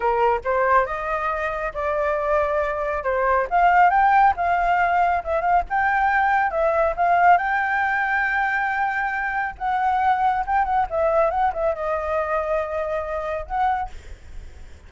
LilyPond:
\new Staff \with { instrumentName = "flute" } { \time 4/4 \tempo 4 = 138 ais'4 c''4 dis''2 | d''2. c''4 | f''4 g''4 f''2 | e''8 f''8 g''2 e''4 |
f''4 g''2.~ | g''2 fis''2 | g''8 fis''8 e''4 fis''8 e''8 dis''4~ | dis''2. fis''4 | }